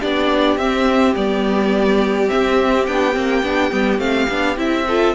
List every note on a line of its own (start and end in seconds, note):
0.00 0.57 B3
0.00 0.59 D4
0.00 4.86 G4
0.00 0.58 D5
0.57 1.14 C4
0.57 1.15 C4
0.57 1.15 E5
1.15 2.30 G3
1.15 2.27 B3
1.15 2.29 D5
2.27 2.84 C4
2.27 2.86 E5
2.34 2.88 C4
2.86 3.16 B3
2.86 3.13 D4
2.86 4.00 G5
3.13 3.43 A#3
3.13 3.42 C4
3.43 3.71 B3
3.43 3.71 D4
3.71 3.99 G3
3.71 3.99 B3
3.99 4.27 A3
3.99 4.27 C4
3.99 4.57 F5
4.30 4.57 B3
4.30 4.56 D4
4.56 5.14 C4
4.56 4.85 E4
4.56 5.15 E5
4.87 5.15 F4
4.87 5.15 A4